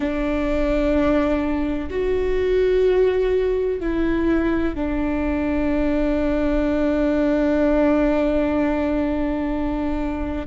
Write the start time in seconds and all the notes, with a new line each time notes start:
0.00 D4
1.90 F#4
3.80 E4
4.75 D4